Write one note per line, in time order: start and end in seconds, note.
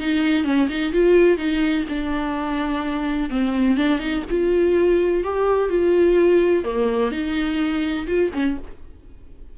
0.00 0.45 D#4
0.45 0.68 C#4
0.69 0.93 D#4
0.93 1.37 F4
1.37 1.85 D#4
1.89 3.30 D4
3.30 3.77 C4
3.77 4.00 D4
4.00 4.23 D#4
4.30 5.24 F4
5.24 5.70 G4
5.70 6.64 F4
6.64 7.11 A#3
7.11 8.07 D#4
8.07 8.31 F4
8.34 8.58 C#4